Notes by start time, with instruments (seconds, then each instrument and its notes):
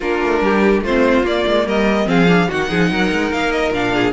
0.00 cello A#3, viola D4, violin F4 A#4
0.22 cello A3
0.40 cello G3, violin G4
0.81 cello A3, violin F4 C5
0.87 viola C4
1.23 cello A#3, viola A#3, violin D5
1.46 cello G#3
1.66 cello G3, violin A#4 D#5
2.05 cello F3, viola C4, violin G#4 F5
2.28 viola D4
2.48 cello D#3, viola D#4, violin F#4 F#5
2.69 cello F3, violin G#4
2.90 cello F#3, violin A#4
3.11 cello G#3
3.32 cello A#3, violin F5
3.51 violin D#5
3.70 cello A#2, viola D4, violin F5
3.94 violin G#4